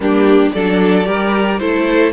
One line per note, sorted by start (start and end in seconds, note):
0.00 0.50 G3
0.00 0.49 A#3
0.00 0.53 D4
0.00 0.51 G4
0.51 1.07 F#3
0.51 1.04 D4
0.51 1.07 A4
0.51 1.59 D5
1.04 1.60 G3
1.04 1.57 G4
1.04 1.60 A#4
1.59 2.12 A3
1.59 2.12 E4
1.59 2.12 A4
1.59 2.12 C5